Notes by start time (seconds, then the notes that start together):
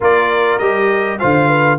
0.00 A#3 F4 A#4 D5
0.58 G3 G4 D#5
1.18 D3 F4 C5 F5
1.48 B4